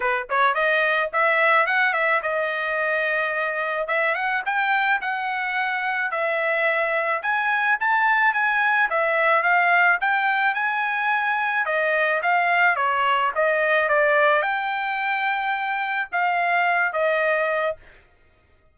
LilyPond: \new Staff \with { instrumentName = "trumpet" } { \time 4/4 \tempo 4 = 108 b'8 cis''8 dis''4 e''4 fis''8 e''8 | dis''2. e''8 fis''8 | g''4 fis''2 e''4~ | e''4 gis''4 a''4 gis''4 |
e''4 f''4 g''4 gis''4~ | gis''4 dis''4 f''4 cis''4 | dis''4 d''4 g''2~ | g''4 f''4. dis''4. | }